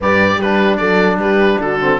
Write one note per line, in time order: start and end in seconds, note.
0.00 0.37 G2
0.00 0.42 G4
0.00 0.37 B4
0.00 0.41 D5
0.37 0.77 G3
0.37 0.77 G4
0.37 0.77 B4
0.44 1.80 D4
0.77 1.16 F#3
0.77 1.18 A4
0.77 1.17 D5
1.16 1.56 G3
1.16 1.60 G4
1.16 1.60 B4
1.60 1.99 D3
1.60 1.99 F#4
1.60 1.99 A4
1.80 1.99 C4